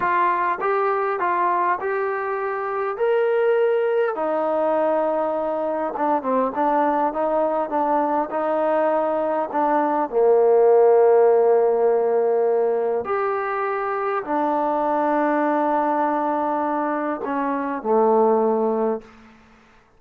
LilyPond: \new Staff \with { instrumentName = "trombone" } { \time 4/4 \tempo 4 = 101 f'4 g'4 f'4 g'4~ | g'4 ais'2 dis'4~ | dis'2 d'8 c'8 d'4 | dis'4 d'4 dis'2 |
d'4 ais2.~ | ais2 g'2 | d'1~ | d'4 cis'4 a2 | }